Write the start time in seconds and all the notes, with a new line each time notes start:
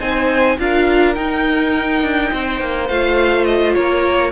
0.00 C4 D#4 C5 G#5
0.59 D4 F4 A#4 F5
1.15 D#4 G5
2.03 D4
2.33 C4 C5
2.61 A#3
2.89 A3 F4 F5
3.45 D#5
3.75 A#3 A#4 C#5